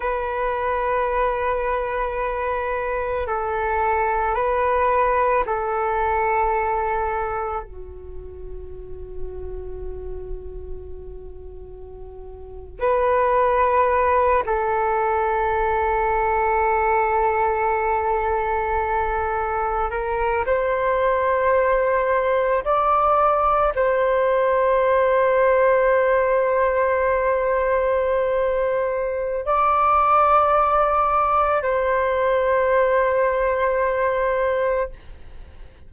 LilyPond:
\new Staff \with { instrumentName = "flute" } { \time 4/4 \tempo 4 = 55 b'2. a'4 | b'4 a'2 fis'4~ | fis'2.~ fis'8. b'16~ | b'4~ b'16 a'2~ a'8.~ |
a'2~ a'16 ais'8 c''4~ c''16~ | c''8. d''4 c''2~ c''16~ | c''2. d''4~ | d''4 c''2. | }